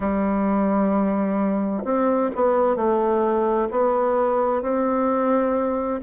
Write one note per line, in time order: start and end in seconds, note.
0.00 1.83 G3
1.84 2.30 C4
2.35 2.76 B3
2.76 3.68 A3
3.70 4.62 B3
4.62 6.00 C4